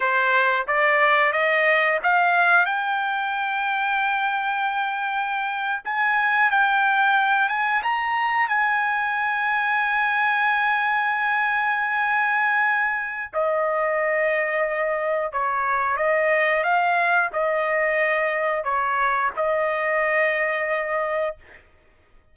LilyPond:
\new Staff \with { instrumentName = "trumpet" } { \time 4/4 \tempo 4 = 90 c''4 d''4 dis''4 f''4 | g''1~ | g''8. gis''4 g''4. gis''8 ais''16~ | ais''8. gis''2.~ gis''16~ |
gis''1 | dis''2. cis''4 | dis''4 f''4 dis''2 | cis''4 dis''2. | }